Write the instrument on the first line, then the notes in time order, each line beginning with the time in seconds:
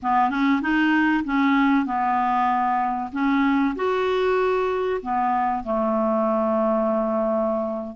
clarinet
0.02 B3
0.30 C#4
0.61 D#4
1.24 C#4
1.85 B3
3.12 C#4
3.75 F#4
5.02 B3
5.63 A3